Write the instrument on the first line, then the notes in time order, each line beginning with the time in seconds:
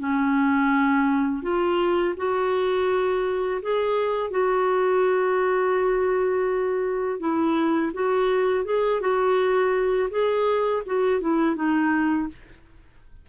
clarinet
0.00 C#4
1.43 F4
2.17 F#4
3.62 G#4
4.31 F#4
7.20 E4
7.94 F#4
8.65 G#4
9.01 F#4
10.11 G#4
10.86 F#4
11.21 E4
11.56 D#4